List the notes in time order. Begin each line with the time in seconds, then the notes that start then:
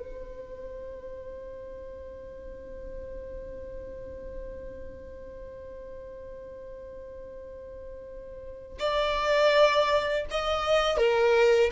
0.00 C5
8.79 D5
10.31 D#5
10.97 A#4